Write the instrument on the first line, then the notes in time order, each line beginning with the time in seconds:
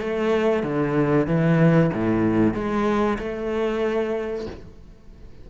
cello
0.00 A3
0.63 D3
1.27 E3
1.94 A2
2.54 G#3
3.19 A3